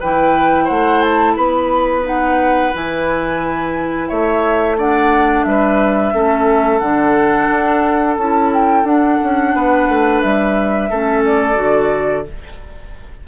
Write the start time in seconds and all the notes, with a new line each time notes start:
0.00 E3 E4 B4 G5
0.64 A3 C5 F#5
1.01 A5
1.36 B3 B4 B5
2.03 D#4 F#5
2.74 E3 E4 G#5
4.09 A3 C#5 E5
4.77 D4 D5 F#5
5.44 G3 B4 E5
6.13 A3 C#4 A4
6.79 D3 D4 F#5
7.50 D4
8.17 C#4 E4 A5
8.54 G5
8.84 D4 F#5
9.23 C#4
9.54 B3 B4
9.88 A3
10.22 G3 E5
10.90 A3 C#4 A4
11.25 D5
11.55 D3 F#4